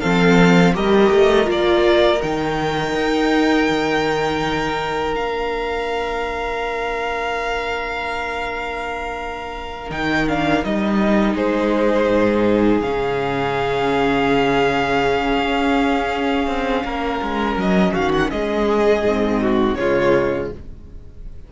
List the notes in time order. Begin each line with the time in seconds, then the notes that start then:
0.00 F3 C4 A4 F5
0.74 G3 G4 A#4 D#5
1.11 A3
1.44 A#3 F4
1.51 D5
2.22 D#3 D#4 G5
2.94 D#4
3.69 D#3
5.14 A#3 D4 F5
9.90 D#3 D#4 G5
10.28 D4 F5
10.63 G3 D#4 D#5
11.34 G#3 G#4 C5
12.08 G#2
12.80 C#3 C#4 F5
15.39 C#4
16.47 C4
16.84 A#3 A#4
17.22 G#3
17.56 F#3 D#5
17.92 D#3 F#4 F5
18.12 F#5
18.30 G#3 G#4 D#5
19.02 G#2 C4
19.41 F#4
19.75 C#3 G#3 F4 C#5